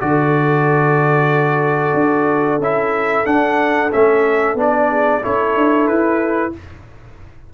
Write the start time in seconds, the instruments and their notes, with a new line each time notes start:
0.00 tuba D3, trombone F#4, horn A4, trumpet D5
1.94 tuba D4
2.59 tuba C#4, trombone E4, trumpet E5
3.25 trombone D4, tuba D4, trumpet F#5
3.91 tuba A3, trombone C#4, trumpet E5
4.54 tuba B3, trombone D4
4.60 trumpet D5
4.89 horn G#4
5.22 tuba C#4, trombone E4, horn A4, trumpet C#5
5.56 tuba D4
5.87 tuba E4, trumpet B4